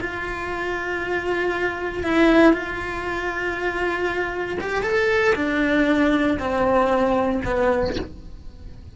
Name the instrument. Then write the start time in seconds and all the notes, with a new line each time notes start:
cello
0.00 F4
2.03 E4
2.53 F4
4.60 G4
4.83 A4
5.35 D4
6.39 C4
7.45 B3